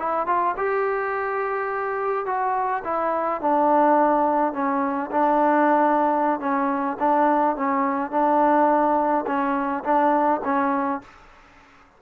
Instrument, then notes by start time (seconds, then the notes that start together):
trombone
0.00 E4
0.27 F4
0.57 G4
2.26 F#4
2.85 E4
3.42 D4
4.54 C#4
5.11 D4
6.40 C#4
7.00 D4
7.57 C#4
8.11 D4
9.27 C#4
9.84 D4
10.45 C#4